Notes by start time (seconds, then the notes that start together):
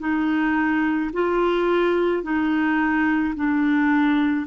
0.00 D#4
1.13 F4
2.24 D#4
3.35 D4